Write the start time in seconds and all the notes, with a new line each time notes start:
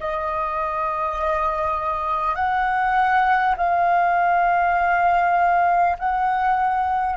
0.00 D#5
2.36 F#5
3.58 F5
5.99 F#5